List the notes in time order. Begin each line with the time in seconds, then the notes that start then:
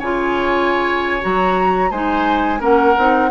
0.00 C#3 F4 C#5 G#5
1.22 F#3 F#4 A#5
1.91 G#3 D#4 C5 G#5
2.60 A#3 C#4 A#4 F#5
2.98 C4 D#4